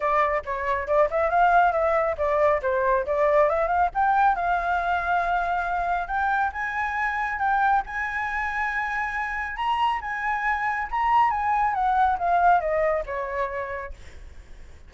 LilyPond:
\new Staff \with { instrumentName = "flute" } { \time 4/4 \tempo 4 = 138 d''4 cis''4 d''8 e''8 f''4 | e''4 d''4 c''4 d''4 | e''8 f''8 g''4 f''2~ | f''2 g''4 gis''4~ |
gis''4 g''4 gis''2~ | gis''2 ais''4 gis''4~ | gis''4 ais''4 gis''4 fis''4 | f''4 dis''4 cis''2 | }